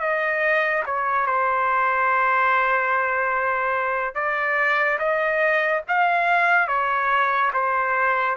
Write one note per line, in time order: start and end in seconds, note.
0.00 0.83 D#5
0.86 1.27 C#5
1.27 4.15 C5
4.15 4.98 D5
4.99 5.82 D#5
5.88 6.68 F5
6.68 7.51 C#5
7.53 8.37 C5